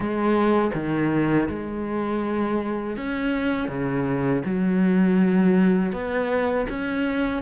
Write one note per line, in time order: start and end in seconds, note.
0.00 0.71 G#3
0.74 1.48 D#3
1.48 2.96 G#3
2.96 3.68 C#4
3.68 4.42 C#3
4.45 5.92 F#3
5.92 6.66 B3
6.69 7.42 C#4